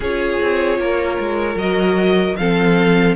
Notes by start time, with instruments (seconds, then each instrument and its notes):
0.00 cello C#4, viola F4, violin G#4 C#5
0.41 cello C4
0.78 cello A#3, violin A#4
1.19 cello G#3
1.55 cello F#3, viola F#4, violin D#5
2.36 cello F3, viola C4, violin A4 F5